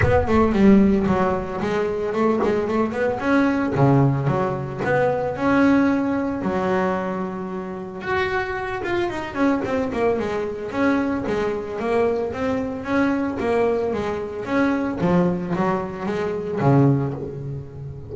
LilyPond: \new Staff \with { instrumentName = "double bass" } { \time 4/4 \tempo 4 = 112 b8 a8 g4 fis4 gis4 | a8 gis8 a8 b8 cis'4 cis4 | fis4 b4 cis'2 | fis2. fis'4~ |
fis'8 f'8 dis'8 cis'8 c'8 ais8 gis4 | cis'4 gis4 ais4 c'4 | cis'4 ais4 gis4 cis'4 | f4 fis4 gis4 cis4 | }